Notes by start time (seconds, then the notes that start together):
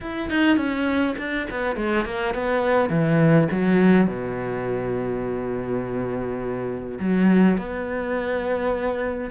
0.01 E4
0.29 D#4
0.57 C#4
1.18 D4
1.50 B3
1.76 G#3
2.05 A#3
2.34 B3
2.89 E3
3.51 F#3
4.07 B2
6.99 F#3
7.57 B3